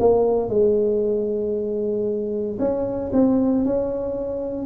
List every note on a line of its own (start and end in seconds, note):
0.00 0.49 A#3
0.49 2.58 G#3
2.59 3.11 C#4
3.13 3.65 C4
3.65 4.66 C#4